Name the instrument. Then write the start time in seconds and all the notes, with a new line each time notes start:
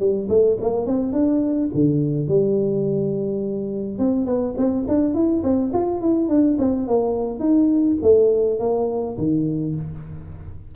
tuba
0.00 G3
0.30 A3
0.62 A#3
0.86 C4
1.13 D4
1.75 D3
2.28 G3
3.99 C4
4.26 B3
4.58 C4
4.88 D4
5.15 E4
5.44 C4
5.74 F4
6.02 E4
6.29 D4
6.59 C4
6.88 A#3
7.40 D#4
8.03 A3
8.60 A#3
9.18 D#3